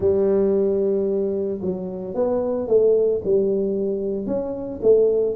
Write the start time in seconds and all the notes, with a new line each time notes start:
0.00 G3
1.61 F#3
2.14 B3
2.67 A3
3.24 G3
4.26 C#4
4.82 A3